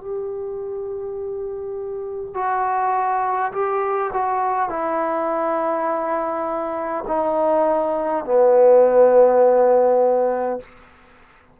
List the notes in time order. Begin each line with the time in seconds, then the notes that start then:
0.00 G4
2.34 F#4
3.52 G4
4.13 F#4
4.69 E4
7.07 D#4
8.25 B3